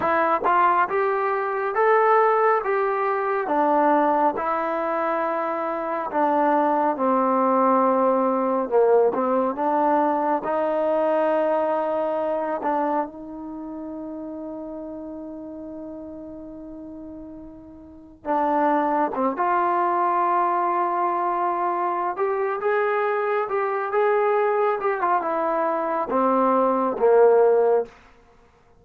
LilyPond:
\new Staff \with { instrumentName = "trombone" } { \time 4/4 \tempo 4 = 69 e'8 f'8 g'4 a'4 g'4 | d'4 e'2 d'4 | c'2 ais8 c'8 d'4 | dis'2~ dis'8 d'8 dis'4~ |
dis'1~ | dis'4 d'4 c'16 f'4.~ f'16~ | f'4. g'8 gis'4 g'8 gis'8~ | gis'8 g'16 f'16 e'4 c'4 ais4 | }